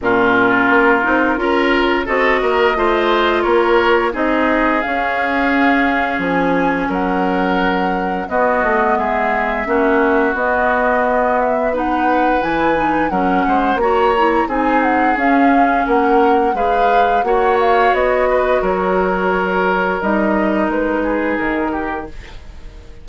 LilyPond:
<<
  \new Staff \with { instrumentName = "flute" } { \time 4/4 \tempo 4 = 87 ais'2. dis''4~ | dis''4 cis''4 dis''4 f''4~ | f''4 gis''4 fis''2 | dis''4 e''2 dis''4~ |
dis''8 e''8 fis''4 gis''4 fis''4 | ais''4 gis''8 fis''8 f''4 fis''4 | f''4 fis''8 f''8 dis''4 cis''4~ | cis''4 dis''4 b'4 ais'4 | }
  \new Staff \with { instrumentName = "oboe" } { \time 4/4 f'2 ais'4 a'8 ais'8 | c''4 ais'4 gis'2~ | gis'2 ais'2 | fis'4 gis'4 fis'2~ |
fis'4 b'2 ais'8 c''8 | cis''4 gis'2 ais'4 | b'4 cis''4. b'8 ais'4~ | ais'2~ ais'8 gis'4 g'8 | }
  \new Staff \with { instrumentName = "clarinet" } { \time 4/4 cis'4. dis'8 f'4 fis'4 | f'2 dis'4 cis'4~ | cis'1 | b2 cis'4 b4~ |
b4 dis'4 e'8 dis'8 cis'4 | fis'8 e'8 dis'4 cis'2 | gis'4 fis'2.~ | fis'4 dis'2. | }
  \new Staff \with { instrumentName = "bassoon" } { \time 4/4 ais,4 ais8 c'8 cis'4 c'8 ais8 | a4 ais4 c'4 cis'4~ | cis'4 f4 fis2 | b8 a8 gis4 ais4 b4~ |
b2 e4 fis8 gis8 | ais4 c'4 cis'4 ais4 | gis4 ais4 b4 fis4~ | fis4 g4 gis4 dis4 | }
>>